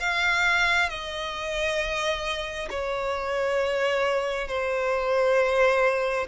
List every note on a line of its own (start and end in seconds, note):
0.00 0.90 F5
0.90 2.69 D#5
2.70 4.48 C#5
4.48 6.27 C5